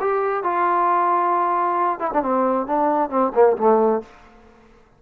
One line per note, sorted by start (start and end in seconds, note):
0.00 0.43 G4
0.43 1.99 F4
1.99 2.11 E4
2.13 2.22 D4
2.22 2.67 C4
2.67 3.10 D4
3.10 3.32 C4
3.34 3.57 A#3
3.57 4.02 A3